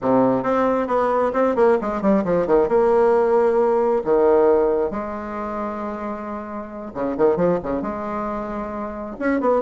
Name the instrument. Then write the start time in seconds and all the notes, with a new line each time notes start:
bassoon
0.01 C3
0.43 C4
0.87 B3
1.33 C4
1.55 A#3
1.81 G#3
2.01 G3
2.24 F3
2.46 D#3
2.68 A#3
4.04 D#3
4.90 G#3
6.94 C#3
7.17 D#3
7.36 F3
7.62 C#3
7.82 G#3
9.19 C#4
9.40 B3